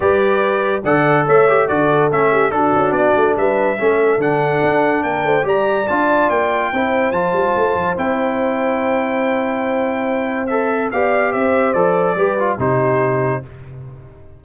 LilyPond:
<<
  \new Staff \with { instrumentName = "trumpet" } { \time 4/4 \tempo 4 = 143 d''2 fis''4 e''4 | d''4 e''4 a'4 d''4 | e''2 fis''2 | g''4 ais''4 a''4 g''4~ |
g''4 a''2 g''4~ | g''1~ | g''4 e''4 f''4 e''4 | d''2 c''2 | }
  \new Staff \with { instrumentName = "horn" } { \time 4/4 b'2 d''4 cis''4 | a'4. g'8 fis'2 | b'4 a'2. | ais'8 c''8 d''2. |
c''1~ | c''1~ | c''2 d''4 c''4~ | c''4 b'4 g'2 | }
  \new Staff \with { instrumentName = "trombone" } { \time 4/4 g'2 a'4. g'8 | fis'4 cis'4 d'2~ | d'4 cis'4 d'2~ | d'4 g'4 f'2 |
e'4 f'2 e'4~ | e'1~ | e'4 a'4 g'2 | a'4 g'8 f'8 dis'2 | }
  \new Staff \with { instrumentName = "tuba" } { \time 4/4 g2 d4 a4 | d4 a4 d'8 cis'8 b8 a8 | g4 a4 d4 d'4 | ais8 a8 g4 d'4 ais4 |
c'4 f8 g8 a8 f8 c'4~ | c'1~ | c'2 b4 c'4 | f4 g4 c2 | }
>>